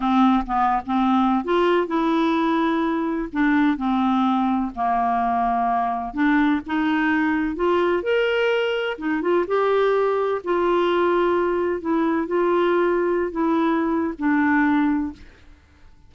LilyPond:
\new Staff \with { instrumentName = "clarinet" } { \time 4/4 \tempo 4 = 127 c'4 b8. c'4~ c'16 f'4 | e'2. d'4 | c'2 ais2~ | ais4 d'4 dis'2 |
f'4 ais'2 dis'8 f'8 | g'2 f'2~ | f'4 e'4 f'2~ | f'16 e'4.~ e'16 d'2 | }